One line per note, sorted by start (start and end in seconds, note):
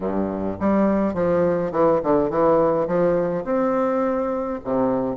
0.00 0.58 G2
0.60 1.14 G3
1.14 1.71 F3
1.71 2.00 E3
2.03 2.29 D3
2.29 2.87 E3
2.87 3.44 F3
3.44 4.59 C4
4.64 5.16 C3